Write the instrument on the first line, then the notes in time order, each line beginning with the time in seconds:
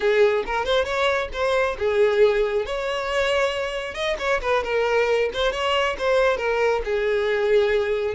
violin
0.00 G#4
0.45 A#4
0.65 C5
0.84 C#5
1.32 C5
1.78 G#4
2.65 C#5
3.94 D#5
4.19 C#5
4.41 B4
4.63 A#4
5.33 C5
5.51 C#5
5.98 C5
6.37 A#4
6.84 G#4